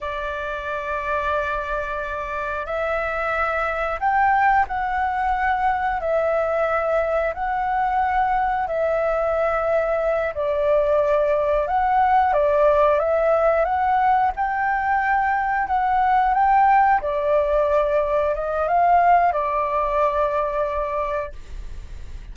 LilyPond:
\new Staff \with { instrumentName = "flute" } { \time 4/4 \tempo 4 = 90 d''1 | e''2 g''4 fis''4~ | fis''4 e''2 fis''4~ | fis''4 e''2~ e''8 d''8~ |
d''4. fis''4 d''4 e''8~ | e''8 fis''4 g''2 fis''8~ | fis''8 g''4 d''2 dis''8 | f''4 d''2. | }